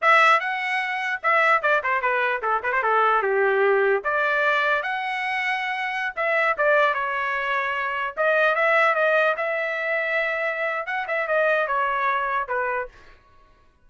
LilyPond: \new Staff \with { instrumentName = "trumpet" } { \time 4/4 \tempo 4 = 149 e''4 fis''2 e''4 | d''8 c''8 b'4 a'8 b'16 c''16 a'4 | g'2 d''2 | fis''2.~ fis''16 e''8.~ |
e''16 d''4 cis''2~ cis''8.~ | cis''16 dis''4 e''4 dis''4 e''8.~ | e''2. fis''8 e''8 | dis''4 cis''2 b'4 | }